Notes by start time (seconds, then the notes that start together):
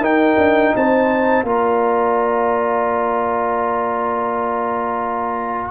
0.00 D#4 A#4 G5
0.37 D4
0.76 C4 C5 A5
1.43 A#3 F4 D5 A#5